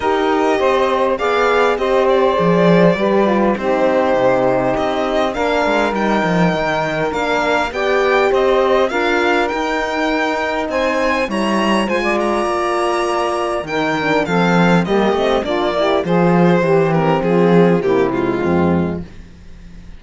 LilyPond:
<<
  \new Staff \with { instrumentName = "violin" } { \time 4/4 \tempo 4 = 101 dis''2 f''4 dis''8 d''8~ | d''2 c''2 | dis''4 f''4 g''2 | f''4 g''4 dis''4 f''4 |
g''2 gis''4 ais''4 | gis''8 ais''2~ ais''8 g''4 | f''4 dis''4 d''4 c''4~ | c''8 ais'8 gis'4 g'8 f'4. | }
  \new Staff \with { instrumentName = "saxophone" } { \time 4/4 ais'4 c''4 d''4 c''4~ | c''4 b'4 g'2~ | g'4 ais'2.~ | ais'4 d''4 c''4 ais'4~ |
ais'2 c''4 cis''4 | c''16 d''2~ d''8. ais'4 | a'4 g'4 f'8 g'8 gis'4 | g'4 f'4 e'4 c'4 | }
  \new Staff \with { instrumentName = "horn" } { \time 4/4 g'2 gis'4 g'4 | gis'4 g'8 f'8 dis'2~ | dis'4 d'4 dis'2 | d'4 g'2 f'4 |
dis'2. e'4 | f'2. dis'8 d'8 | c'4 ais8 c'8 d'8 e'8 f'4 | g'8 c'4. ais8 gis4. | }
  \new Staff \with { instrumentName = "cello" } { \time 4/4 dis'4 c'4 b4 c'4 | f4 g4 c'4 c4 | c'4 ais8 gis8 g8 f8 dis4 | ais4 b4 c'4 d'4 |
dis'2 c'4 g4 | gis4 ais2 dis4 | f4 g8 a8 ais4 f4 | e4 f4 c4 f,4 | }
>>